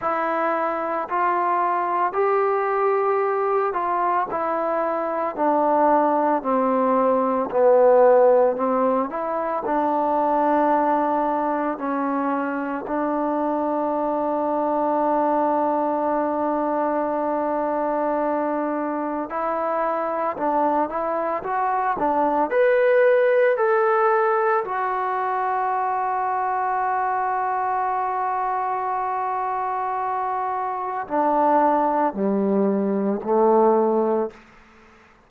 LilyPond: \new Staff \with { instrumentName = "trombone" } { \time 4/4 \tempo 4 = 56 e'4 f'4 g'4. f'8 | e'4 d'4 c'4 b4 | c'8 e'8 d'2 cis'4 | d'1~ |
d'2 e'4 d'8 e'8 | fis'8 d'8 b'4 a'4 fis'4~ | fis'1~ | fis'4 d'4 g4 a4 | }